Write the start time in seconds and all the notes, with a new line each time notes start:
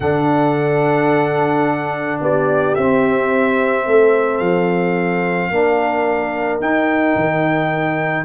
0.00 D3 D4 A4 F#5
2.20 B3 G4 D5
2.74 C4 E5
3.86 A3 A4
4.37 F3 F5
5.50 A#3 D4 A#4
6.60 D#4 G5
7.15 D#3